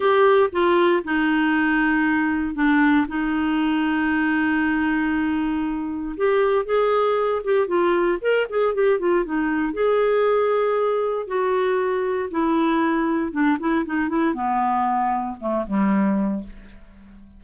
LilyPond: \new Staff \with { instrumentName = "clarinet" } { \time 4/4 \tempo 4 = 117 g'4 f'4 dis'2~ | dis'4 d'4 dis'2~ | dis'1 | g'4 gis'4. g'8 f'4 |
ais'8 gis'8 g'8 f'8 dis'4 gis'4~ | gis'2 fis'2 | e'2 d'8 e'8 dis'8 e'8 | b2 a8 g4. | }